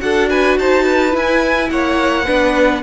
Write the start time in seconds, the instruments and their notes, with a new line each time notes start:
0.00 cello D4, viola F#4, violin A4 F#5
0.29 violin B4 G#5
0.58 cello D#4, violin C5 A5
0.84 violin B4
1.11 viola E4, cello E4, violin G#5
1.70 cello A#3, violin C#5 F#5
2.25 cello B3, viola D4, violin B4